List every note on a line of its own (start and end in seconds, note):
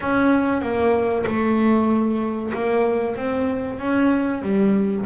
0.00 0.61 C#4
0.61 1.24 A#3
1.26 2.52 A3
2.53 3.16 A#3
3.16 3.79 C4
3.79 4.42 C#4
4.42 5.05 G3